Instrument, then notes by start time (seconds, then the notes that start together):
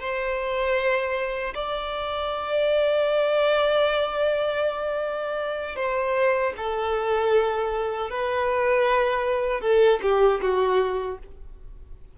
violin
0.00 C5
1.55 D5
5.76 C5
6.57 A4
8.10 B4
9.61 A4
10.02 G4
10.42 F#4